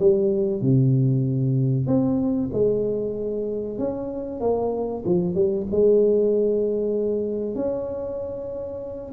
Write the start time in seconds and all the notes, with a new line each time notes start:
0.00 G3
0.62 C3
1.87 C4
2.53 G#3
3.79 C#4
4.41 A#3
5.06 F3
5.35 G3
5.72 G#3
7.55 C#4